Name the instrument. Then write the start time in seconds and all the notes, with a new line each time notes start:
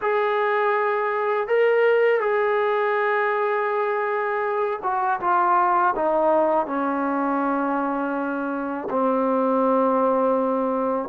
trombone
0.01 G#4
1.47 A#4
2.20 G#4
4.82 F#4
5.20 F4
5.95 D#4
6.66 C#4
8.90 C4